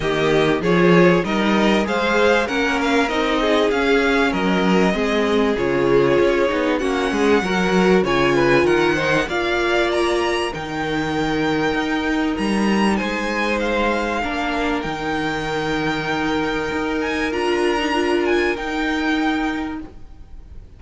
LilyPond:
<<
  \new Staff \with { instrumentName = "violin" } { \time 4/4 \tempo 4 = 97 dis''4 cis''4 dis''4 f''4 | fis''8 f''8 dis''4 f''4 dis''4~ | dis''4 cis''2 fis''4~ | fis''4 gis''4 fis''4 f''4 |
ais''4 g''2. | ais''4 gis''4 f''2 | g''2.~ g''8 gis''8 | ais''4. gis''8 g''2 | }
  \new Staff \with { instrumentName = "violin" } { \time 4/4 g'4 gis'4 ais'4 c''4 | ais'4. gis'4. ais'4 | gis'2. fis'8 gis'8 | ais'4 cis''8 b'8 ais'8 c''8 d''4~ |
d''4 ais'2.~ | ais'4 c''2 ais'4~ | ais'1~ | ais'1 | }
  \new Staff \with { instrumentName = "viola" } { \time 4/4 ais4 f'4 dis'4 gis'4 | cis'4 dis'4 cis'2 | c'4 f'4. dis'8 cis'4 | fis'4 f'4. dis'8 f'4~ |
f'4 dis'2.~ | dis'2. d'4 | dis'1 | f'8. dis'16 f'4 dis'2 | }
  \new Staff \with { instrumentName = "cello" } { \time 4/4 dis4 f4 g4 gis4 | ais4 c'4 cis'4 fis4 | gis4 cis4 cis'8 b8 ais8 gis8 | fis4 cis4 dis4 ais4~ |
ais4 dis2 dis'4 | g4 gis2 ais4 | dis2. dis'4 | d'2 dis'2 | }
>>